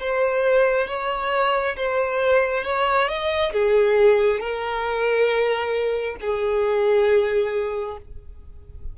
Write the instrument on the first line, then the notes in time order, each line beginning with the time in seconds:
violin
0.00 C5
0.87 C#5
1.76 C5
2.64 C#5
3.08 D#5
3.53 G#4
4.40 A#4
6.21 G#4